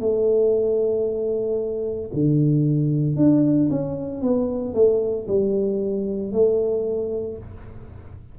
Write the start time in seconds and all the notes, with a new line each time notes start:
0.00 A3
2.13 D3
3.16 D4
3.70 C#4
4.22 B3
4.74 A3
5.28 G3
6.32 A3